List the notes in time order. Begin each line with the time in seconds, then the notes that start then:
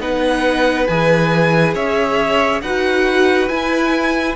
0.00 B3 D#4 B4 F#5
0.87 E3 G#4 G#5
1.75 C#4 C#5 E5
2.62 D#4 F#4 B4 F#5
3.48 E4 G#5